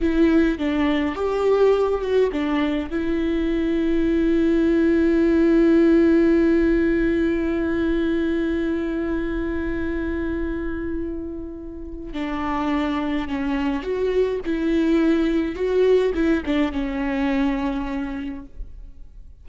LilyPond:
\new Staff \with { instrumentName = "viola" } { \time 4/4 \tempo 4 = 104 e'4 d'4 g'4. fis'8 | d'4 e'2.~ | e'1~ | e'1~ |
e'1~ | e'4 d'2 cis'4 | fis'4 e'2 fis'4 | e'8 d'8 cis'2. | }